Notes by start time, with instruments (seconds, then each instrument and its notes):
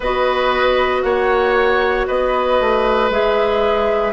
0.00 bassoon B3, clarinet F#4, oboe B4, flute D#5
1.03 bassoon A#3, oboe C#5, flute F#5
2.06 bassoon B3, oboe B4, flute D#5
2.60 bassoon A3
3.09 bassoon G#3, clarinet G#4, flute E5